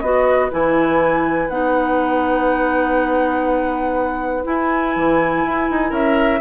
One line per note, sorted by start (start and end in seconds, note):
0.00 0.51 B3
0.00 0.50 F#4
0.00 5.89 B4
0.00 0.49 D#5
0.50 1.49 E3
0.50 1.49 E4
0.50 1.49 G#5
1.49 4.44 B3
1.49 4.43 D#4
1.49 4.44 F#5
4.43 6.40 E4
4.43 4.95 E4
4.43 5.93 G#5
4.96 5.45 E3
5.45 5.69 E4
5.70 5.91 D#4
5.89 6.40 C#4
5.89 6.39 A#4
5.89 6.41 E5